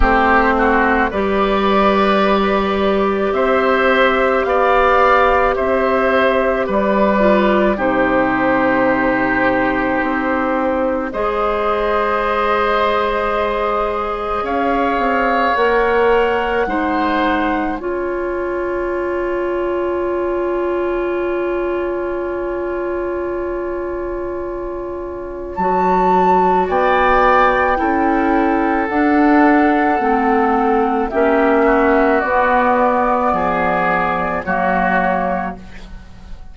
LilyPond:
<<
  \new Staff \with { instrumentName = "flute" } { \time 4/4 \tempo 4 = 54 c''4 d''2 e''4 | f''4 e''4 d''4 c''4~ | c''2 dis''2~ | dis''4 f''4 fis''2 |
gis''1~ | gis''2. a''4 | g''2 fis''2 | e''4 d''2 cis''4 | }
  \new Staff \with { instrumentName = "oboe" } { \time 4/4 g'8 fis'8 b'2 c''4 | d''4 c''4 b'4 g'4~ | g'2 c''2~ | c''4 cis''2 c''4 |
cis''1~ | cis''1 | d''4 a'2. | g'8 fis'4. gis'4 fis'4 | }
  \new Staff \with { instrumentName = "clarinet" } { \time 4/4 c'4 g'2.~ | g'2~ g'8 f'8 dis'4~ | dis'2 gis'2~ | gis'2 ais'4 dis'4 |
f'1~ | f'2. fis'4~ | fis'4 e'4 d'4 c'4 | cis'4 b2 ais4 | }
  \new Staff \with { instrumentName = "bassoon" } { \time 4/4 a4 g2 c'4 | b4 c'4 g4 c4~ | c4 c'4 gis2~ | gis4 cis'8 c'8 ais4 gis4 |
cis'1~ | cis'2. fis4 | b4 cis'4 d'4 a4 | ais4 b4 f4 fis4 | }
>>